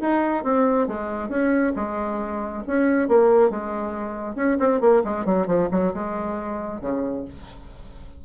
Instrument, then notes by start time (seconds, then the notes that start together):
bassoon
0.00 D#4
0.43 C4
0.87 G#3
1.28 C#4
1.76 G#3
2.67 C#4
3.08 A#3
3.50 G#3
4.35 C#4
4.59 C4
4.80 A#3
5.04 G#3
5.25 F#3
5.46 F3
5.71 F#3
5.93 G#3
6.81 C#3